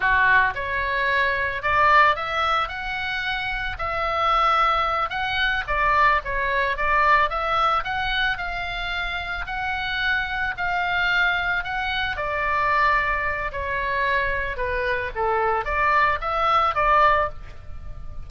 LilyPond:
\new Staff \with { instrumentName = "oboe" } { \time 4/4 \tempo 4 = 111 fis'4 cis''2 d''4 | e''4 fis''2 e''4~ | e''4. fis''4 d''4 cis''8~ | cis''8 d''4 e''4 fis''4 f''8~ |
f''4. fis''2 f''8~ | f''4. fis''4 d''4.~ | d''4 cis''2 b'4 | a'4 d''4 e''4 d''4 | }